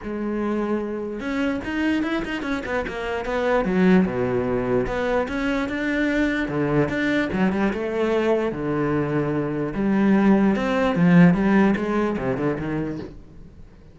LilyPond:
\new Staff \with { instrumentName = "cello" } { \time 4/4 \tempo 4 = 148 gis2. cis'4 | dis'4 e'8 dis'8 cis'8 b8 ais4 | b4 fis4 b,2 | b4 cis'4 d'2 |
d4 d'4 fis8 g8 a4~ | a4 d2. | g2 c'4 f4 | g4 gis4 c8 d8 dis4 | }